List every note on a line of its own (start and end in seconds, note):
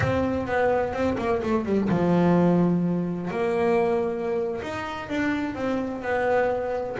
0.00 0.47 C4
0.47 0.93 B3
0.93 1.16 C4
1.18 1.41 A#3
1.42 1.65 A3
1.65 1.88 G3
1.89 3.30 F3
3.30 4.60 A#3
4.61 5.09 D#4
5.09 5.54 D4
5.54 6.02 C4
6.02 6.96 B3